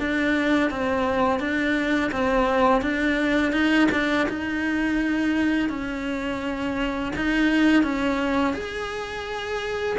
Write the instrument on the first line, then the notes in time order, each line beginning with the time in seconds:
cello
0.00 D4
0.71 C4
1.40 D4
2.12 C4
2.82 D4
3.53 D#4
3.92 D4
4.29 D#4
5.70 C#4
7.16 D#4
7.84 C#4
8.54 G#4